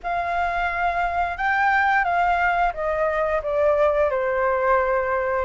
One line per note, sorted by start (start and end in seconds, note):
0.03 1.37 F5
1.37 2.04 G5
2.04 2.72 F5
2.73 3.41 D#5
3.42 4.10 D5
4.10 5.45 C5